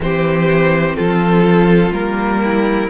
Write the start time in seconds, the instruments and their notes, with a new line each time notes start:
0.00 cello E3, viola C4, violin G4 C5
0.95 cello F3, violin F4 A4
1.91 cello G3, viola A#3, violin A#4
2.44 violin E4